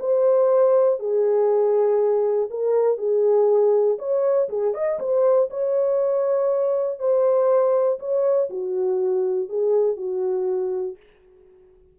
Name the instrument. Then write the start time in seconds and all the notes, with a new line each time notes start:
horn
0.00 C5
1.00 G#4
2.50 A#4
2.98 G#4
3.99 C#5
4.49 G#4
4.74 D#5
5.00 C5
5.50 C#5
6.99 C5
8.00 C#5
8.50 F#4
9.49 G#4
9.97 F#4